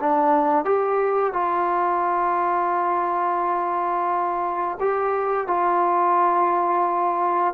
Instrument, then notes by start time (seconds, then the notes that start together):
trombone
0.00 D4
0.65 G4
1.33 F4
4.80 G4
5.47 F4